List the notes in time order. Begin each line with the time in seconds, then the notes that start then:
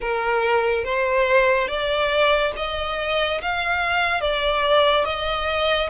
0.00 A#4
0.84 C5
1.67 D5
2.56 D#5
3.41 F5
4.21 D5
5.05 D#5